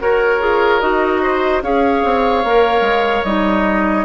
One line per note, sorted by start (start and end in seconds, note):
0.00 0.40 F#4
0.00 1.22 A#4
0.00 0.40 A#4
0.00 0.80 C#5
0.40 0.80 F4
0.40 0.80 G#4
0.80 1.62 D#4
0.80 1.62 F#4
0.80 1.61 D#5
1.22 1.62 C5
1.62 2.02 C#4
1.62 2.43 G#4
1.62 4.05 C#5
1.62 3.23 F5
2.04 2.44 C4
2.44 2.80 A#3
2.44 3.26 A#4
2.80 3.21 G#3
3.23 4.05 G3
3.23 4.05 D#4
3.23 4.05 D#5